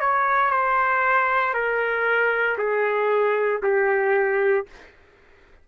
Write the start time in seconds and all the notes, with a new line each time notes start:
0.00 C#5
0.50 C5
1.53 A#4
2.58 G#4
3.63 G4